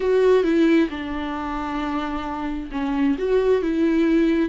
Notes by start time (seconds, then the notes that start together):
0.00 F#4
0.43 E4
0.90 D4
2.71 C#4
3.18 F#4
3.62 E4